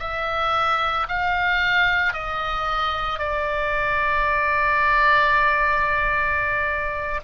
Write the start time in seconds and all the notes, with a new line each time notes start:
0.00 E5
1.09 F5
2.14 D#5
3.19 D5